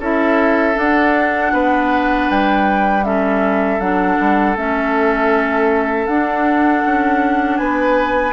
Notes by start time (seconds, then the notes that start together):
0.00 C#4 E4 A4 E5
0.75 D4 F#5
1.53 B3 B4
2.30 G3 G5
3.04 C#4 A4 E5
3.80 F#3 D4 F#5
4.20 G3
4.56 A3 C#4 E5
6.07 D4 F#5
6.86 C#4
7.58 B3 B4 G#5